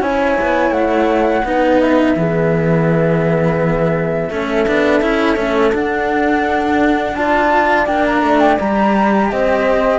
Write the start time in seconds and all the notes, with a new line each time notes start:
0.00 C#4 E4 C#5 G#5
0.41 B3
0.70 A3 F#5
1.44 B3 D#4 B4
1.80 E5
2.15 E3 B3 G#4
4.29 A3 C#4 A4
4.67 B3 D4
5.01 C#4 E4
5.36 A3 C#4
5.72 D4 F#5
7.15 F4 D5 A5
7.86 A#3 D4 G5
8.07 A#5
8.22 A3
8.40 G5
8.59 G3 G4 A#5
9.31 C4 C5 D#5